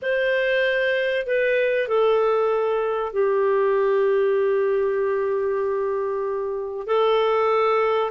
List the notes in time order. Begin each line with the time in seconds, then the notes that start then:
0.02 C5
1.26 B4
1.88 A4
3.12 G4
6.87 A4